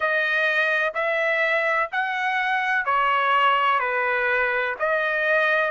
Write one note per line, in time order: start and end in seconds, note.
0.00 0.93 D#5
0.94 1.89 E5
1.92 2.85 F#5
2.85 3.79 C#5
3.79 4.74 B4
4.79 5.70 D#5